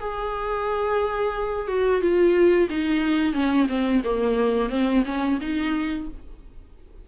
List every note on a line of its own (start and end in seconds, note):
0.00 1.68 G#4
1.68 2.01 F#4
2.01 2.69 F4
2.70 3.33 D#4
3.33 3.67 C#4
3.68 4.02 C4
4.04 4.70 A#3
4.70 5.03 C4
5.05 5.39 C#4
5.41 6.08 D#4